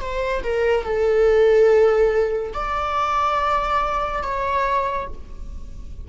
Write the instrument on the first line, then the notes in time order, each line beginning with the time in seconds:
viola
0.00 C5
0.43 A#4
0.84 A4
2.53 D5
4.23 C#5